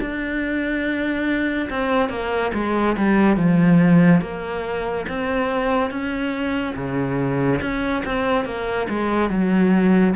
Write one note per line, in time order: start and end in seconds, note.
0.00 1.69 D4
1.70 2.09 C4
2.09 2.52 A#3
2.54 2.96 G#3
2.97 3.36 G3
3.36 4.21 F3
4.21 5.06 A#3
5.08 5.90 C4
5.90 6.75 C#4
6.76 7.60 C#3
7.61 8.03 C#4
8.05 8.45 C4
8.45 8.87 A#3
8.90 9.30 G#3
9.30 10.14 F#3